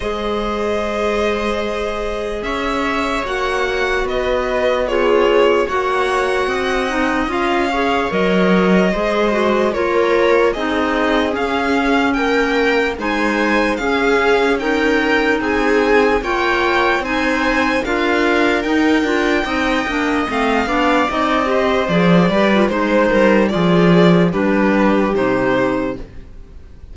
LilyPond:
<<
  \new Staff \with { instrumentName = "violin" } { \time 4/4 \tempo 4 = 74 dis''2. e''4 | fis''4 dis''4 cis''4 fis''4~ | fis''4 f''4 dis''2 | cis''4 dis''4 f''4 g''4 |
gis''4 f''4 g''4 gis''4 | g''4 gis''4 f''4 g''4~ | g''4 f''4 dis''4 d''4 | c''4 d''4 b'4 c''4 | }
  \new Staff \with { instrumentName = "viola" } { \time 4/4 c''2. cis''4~ | cis''4 b'4 gis'4 cis''4 | dis''4. cis''4. c''4 | ais'4 gis'2 ais'4 |
c''4 gis'4 ais'4 gis'4 | cis''4 c''4 ais'2 | dis''4. d''4 c''4 b'8 | c''8 ais'8 gis'4 g'2 | }
  \new Staff \with { instrumentName = "clarinet" } { \time 4/4 gis'1 | fis'2 f'4 fis'4~ | fis'8 dis'8 f'8 gis'8 ais'4 gis'8 fis'8 | f'4 dis'4 cis'2 |
dis'4 cis'4 dis'2 | f'4 dis'4 f'4 dis'8 f'8 | dis'8 d'8 c'8 d'8 dis'8 g'8 gis'8 g'16 f'16 | dis'4 f'4 d'4 dis'4 | }
  \new Staff \with { instrumentName = "cello" } { \time 4/4 gis2. cis'4 | ais4 b2 ais4 | c'4 cis'4 fis4 gis4 | ais4 c'4 cis'4 ais4 |
gis4 cis'2 c'4 | ais4 c'4 d'4 dis'8 d'8 | c'8 ais8 a8 b8 c'4 f8 g8 | gis8 g8 f4 g4 c4 | }
>>